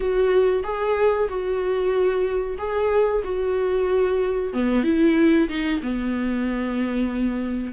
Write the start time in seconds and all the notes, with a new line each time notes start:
0.00 F#4
0.63 G#4
1.28 F#4
2.57 G#4
3.24 F#4
4.53 B3
4.83 E4
5.48 D#4
5.82 B3